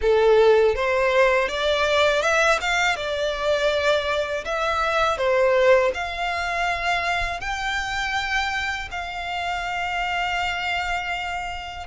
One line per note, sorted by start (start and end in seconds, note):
0.01 0.75 A4
0.75 1.48 C5
1.48 2.22 D5
2.22 2.59 E5
2.60 2.96 F5
2.96 4.44 D5
4.44 5.17 E5
5.17 5.91 C5
5.94 7.40 F5
7.40 8.88 G5
8.91 11.87 F5